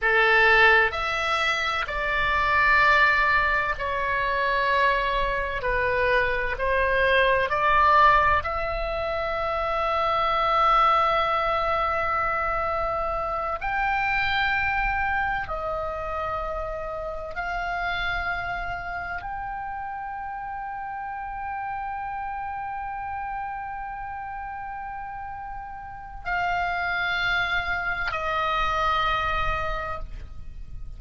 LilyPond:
\new Staff \with { instrumentName = "oboe" } { \time 4/4 \tempo 4 = 64 a'4 e''4 d''2 | cis''2 b'4 c''4 | d''4 e''2.~ | e''2~ e''8 g''4.~ |
g''8 dis''2 f''4.~ | f''8 g''2.~ g''8~ | g''1 | f''2 dis''2 | }